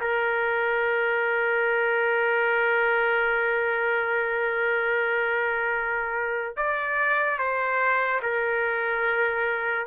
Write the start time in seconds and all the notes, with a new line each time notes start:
0.00 A#4
6.56 D5
7.38 C5
8.22 A#4